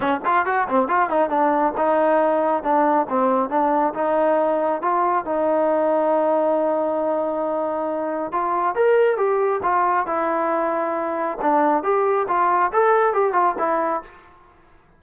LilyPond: \new Staff \with { instrumentName = "trombone" } { \time 4/4 \tempo 4 = 137 cis'8 f'8 fis'8 c'8 f'8 dis'8 d'4 | dis'2 d'4 c'4 | d'4 dis'2 f'4 | dis'1~ |
dis'2. f'4 | ais'4 g'4 f'4 e'4~ | e'2 d'4 g'4 | f'4 a'4 g'8 f'8 e'4 | }